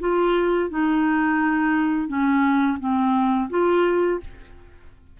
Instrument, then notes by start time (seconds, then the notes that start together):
clarinet
0.00 F4
0.70 D#4
2.08 C#4
2.79 C4
3.50 F4